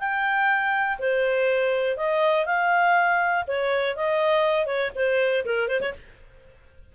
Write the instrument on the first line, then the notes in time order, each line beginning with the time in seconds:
clarinet
0.00 G5
0.99 C5
1.97 D#5
2.46 F5
3.48 C#5
3.96 D#5
4.67 C#5
4.96 C5
5.46 A#4
5.68 C5
5.82 C#5